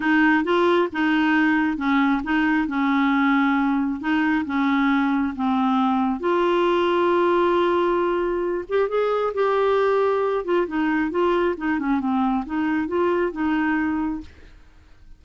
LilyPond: \new Staff \with { instrumentName = "clarinet" } { \time 4/4 \tempo 4 = 135 dis'4 f'4 dis'2 | cis'4 dis'4 cis'2~ | cis'4 dis'4 cis'2 | c'2 f'2~ |
f'2.~ f'8 g'8 | gis'4 g'2~ g'8 f'8 | dis'4 f'4 dis'8 cis'8 c'4 | dis'4 f'4 dis'2 | }